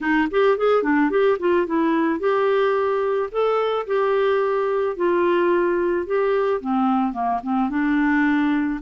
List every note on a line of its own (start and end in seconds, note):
0.01 0.28 D#4
0.30 0.57 G4
0.57 0.82 G#4
0.82 1.10 D4
1.10 1.37 G4
1.39 1.66 F4
1.66 2.19 E4
2.19 3.29 G4
3.31 3.86 A4
3.87 4.96 G4
4.96 6.06 F4
6.06 6.60 G4
6.60 7.13 C4
7.13 7.40 A#3
7.43 7.69 C4
7.69 8.79 D4